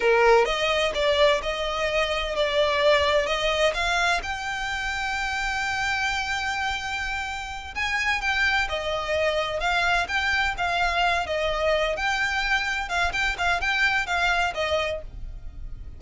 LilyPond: \new Staff \with { instrumentName = "violin" } { \time 4/4 \tempo 4 = 128 ais'4 dis''4 d''4 dis''4~ | dis''4 d''2 dis''4 | f''4 g''2.~ | g''1~ |
g''8 gis''4 g''4 dis''4.~ | dis''8 f''4 g''4 f''4. | dis''4. g''2 f''8 | g''8 f''8 g''4 f''4 dis''4 | }